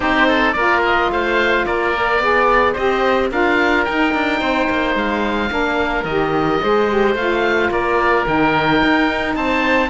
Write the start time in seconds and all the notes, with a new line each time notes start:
0.00 C4 D#4 G4 C5
0.27 A4
0.52 A#3 F4 A#4 D5
0.85 D#5
1.10 A3 C5 F5
1.65 A#3 A#4 D5
1.95 A#4
2.19 B3 G#4 D5
2.73 C4 G4 C5 D#5
3.30 D4 F4 A#4 F5
3.84 D#4 G5
4.14 D4
4.40 C4 C5
4.69 A#3
4.94 G#3 F5
5.49 A#3 D4 A#4
6.04 D#3 G4 D#5
6.62 G#3 G#4 C5
6.88 G4
7.15 A3 F4 F5
7.70 A#3 A#4 D5
8.24 D#3 D#4 G5
8.82 D#4
9.35 C4 C5 A5